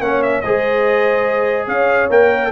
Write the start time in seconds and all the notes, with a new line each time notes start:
0.00 A#3 C#4 C#5 F#5
0.23 E5
0.41 G#3 G#4 C5 D#5
1.67 C#4 C#5 F5
2.10 A#3 A#4 G5